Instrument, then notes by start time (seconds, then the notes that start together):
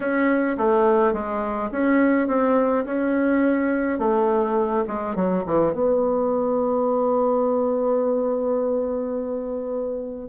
bassoon
0.00 C#4
0.57 A3
1.13 G#3
1.71 C#4
2.27 C4
2.85 C#4
3.98 A3
4.87 G#3
5.15 F#3
5.46 E3
5.73 B3